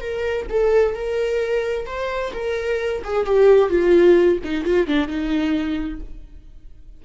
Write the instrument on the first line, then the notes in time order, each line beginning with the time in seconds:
viola
0.00 A#4
0.49 A4
0.95 A#4
1.86 C5
2.33 A#4
3.03 G#4
3.25 G4
3.69 F4
4.43 D#4
4.64 F4
4.87 D4
5.07 D#4